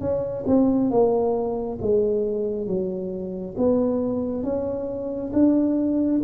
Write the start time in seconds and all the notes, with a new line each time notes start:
0.00 C#4
0.46 C4
0.90 A#3
1.81 G#3
2.67 F#3
3.57 B3
4.43 C#4
5.33 D4